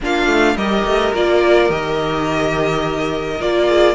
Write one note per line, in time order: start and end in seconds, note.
0.00 0.26 A#3
0.00 0.57 D4
0.00 0.56 F4
0.00 0.56 F5
0.26 0.55 A3
0.55 0.84 G3
0.55 1.14 G4
0.55 3.67 A#4
0.55 1.13 D#5
0.84 1.13 A3
1.13 1.69 A#3
1.13 1.69 F4
1.13 1.71 D5
1.69 3.39 D#3
1.69 3.38 G4
1.69 3.41 D#5
3.40 3.95 A#3
3.40 3.95 F4
3.40 3.95 D5
3.67 3.95 G#4